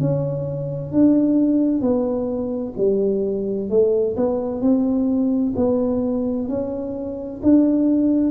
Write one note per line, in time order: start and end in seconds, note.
0.00 0.92 C#4
0.92 1.82 D4
1.82 2.74 B3
2.78 3.70 G3
3.70 4.16 A3
4.17 4.62 B3
4.62 5.54 C4
5.56 6.49 B3
6.49 7.41 C#4
7.43 8.31 D4